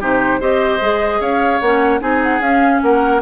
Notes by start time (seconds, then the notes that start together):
0.00 C3 D#4 G4 C5
0.39 C4 G4 C5 D#5
0.80 G#3 G#4
1.20 C#4 C#5 F5
1.60 A#3 C#4 F#5
2.00 C4 D#4 G#4 G#5
2.22 F#5
2.40 C#4 F5
2.82 A#3 A#4 F#5